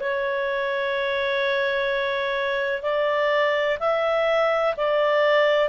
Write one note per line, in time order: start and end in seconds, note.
0.00 2.83 C#5
2.83 3.78 D5
3.80 4.75 E5
4.77 5.69 D5